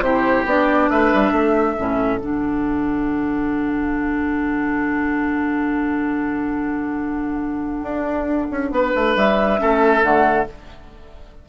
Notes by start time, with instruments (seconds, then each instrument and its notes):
0.00 bassoon C3, clarinet E4, oboe G4, flute C5
0.45 bassoon B3, clarinet D4, flute D5
0.90 bassoon A3, oboe B4, flute E5
1.13 bassoon G3
1.31 bassoon A3, oboe A4
1.76 bassoon A2, clarinet C#4
2.18 bassoon D3, clarinet D4, flute F#5
7.82 bassoon D4
8.51 bassoon C#4
8.70 bassoon B3, oboe B4
8.95 bassoon A3
9.15 bassoon G3, flute E5
9.57 bassoon A3, clarinet C#4, oboe A4
10.02 bassoon D3, clarinet A3, flute F#5